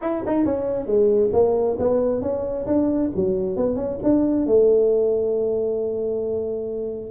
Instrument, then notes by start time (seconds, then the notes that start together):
tuba
0.01 E4
0.26 D#4
0.45 C#4
0.86 G#3
1.32 A#3
1.78 B3
2.21 C#4
2.66 D4
3.15 F#3
3.56 B3
3.76 C#4
4.03 D4
4.46 A3